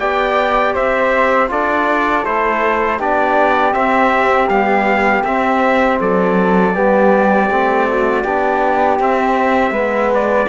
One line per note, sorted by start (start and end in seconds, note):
0.00 0.75 B3
0.00 1.48 G4
0.00 0.74 D5
0.00 0.75 G5
0.74 1.51 C4
0.74 1.49 C5
0.74 1.51 E5
1.48 2.26 D4
1.48 2.23 F4
1.48 2.99 A4
1.48 2.25 D5
2.25 2.99 A3
2.25 3.00 E4
2.25 3.00 C5
2.99 3.74 B3
2.99 3.73 D4
2.99 5.99 G4
2.99 3.74 D5
3.73 4.48 C4
3.73 4.50 C4
3.73 4.49 E5
4.49 5.24 G3
4.49 5.24 B3
4.49 5.24 F5
5.24 5.99 C4
5.24 6.74 C4
5.24 6.00 E5
6.00 6.75 F#3
6.00 6.75 A4
6.00 9.01 D5
6.74 7.50 G3
6.74 7.49 B3
6.74 7.88 G4
7.50 8.25 A3
7.50 8.25 C4
7.88 8.24 F#4
8.24 9.00 B3
8.24 9.00 D4
8.24 9.72 G4
9.00 9.71 C4
9.00 9.75 C4
9.00 10.14 E5
9.71 10.46 G#3
9.71 10.49 B3
9.71 10.47 B4
10.14 10.49 D5